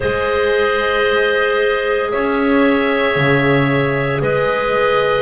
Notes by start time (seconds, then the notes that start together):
0.00 G#3 G#4 C5 D#5
2.11 C#4 C#5 E5
3.16 C#3
4.21 G#3 B4 D#5